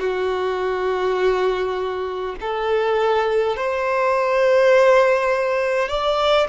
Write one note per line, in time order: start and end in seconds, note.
0.00 2.35 F#4
2.41 3.57 A4
3.57 5.89 C5
5.89 6.48 D5